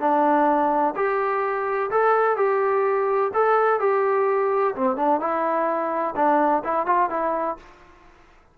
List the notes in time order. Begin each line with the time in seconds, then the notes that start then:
0.00 D4
0.96 G4
1.91 A4
2.37 G4
3.34 A4
3.80 G4
4.75 C4
4.96 D4
5.21 E4
6.16 D4
6.64 E4
6.86 F4
7.10 E4